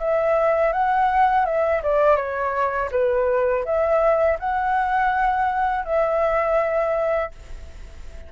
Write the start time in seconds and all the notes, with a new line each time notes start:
0.00 E5
0.73 F#5
1.46 E5
1.84 D5
2.17 C#5
2.92 B4
3.66 E5
4.40 F#5
5.85 E5